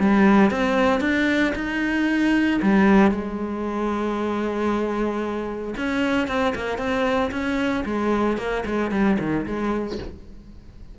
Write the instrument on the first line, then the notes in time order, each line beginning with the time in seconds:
cello
0.00 G3
0.51 C4
1.01 D4
1.56 D#4
2.62 G3
3.11 G#3
5.78 C#4
6.28 C4
6.56 A#3
6.78 C4
7.32 C#4
7.86 G#3
8.38 A#3
8.66 G#3
8.92 G3
9.20 D#3
9.46 G#3